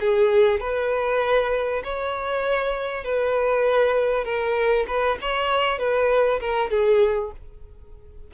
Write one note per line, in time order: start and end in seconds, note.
0.00 0.60 G#4
0.60 1.82 B4
1.84 3.04 C#5
3.04 4.24 B4
4.24 4.85 A#4
4.87 5.18 B4
5.21 5.78 C#5
5.78 6.40 B4
6.40 6.70 A#4
6.70 7.31 G#4